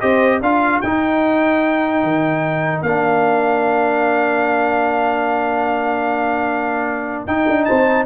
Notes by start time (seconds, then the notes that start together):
0.00 C4 G4 C5 D#5
0.41 D4 F4 A#4 F5
0.81 D#4 G5
2.03 D#3
2.82 A#3 D4 F5
7.27 D#4 G5
7.48 D4
7.65 C4 C5 A5